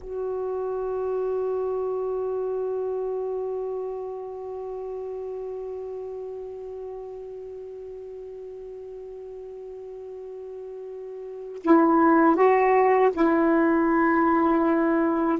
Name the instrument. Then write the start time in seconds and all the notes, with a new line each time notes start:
saxophone
0.00 F#4
11.63 E4
12.35 F#4
13.14 E4